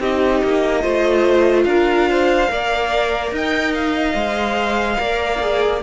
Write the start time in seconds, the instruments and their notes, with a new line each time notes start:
0.00 cello C4, viola D#4, violin G4 D#5
0.44 cello A#3
0.82 cello A3, viola F4, violin C5
1.64 cello D4, violin A#4 F5
2.10 violin C5
2.48 cello A#3, viola A#4, violin D5
3.32 cello D#4, violin D#5 G5
3.74 violin F5
4.15 cello G#3, viola C5
4.98 cello A#3, viola A#4, violin D5
5.41 viola G#4